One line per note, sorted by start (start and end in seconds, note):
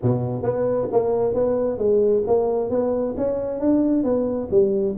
0.02 0.42 B2
0.42 0.87 B3
0.92 1.34 A#3
1.34 1.78 B3
1.78 2.23 G#3
2.26 2.70 A#3
2.70 3.15 B3
3.17 3.59 C#4
3.59 4.03 D4
4.03 4.48 B3
4.50 4.95 G3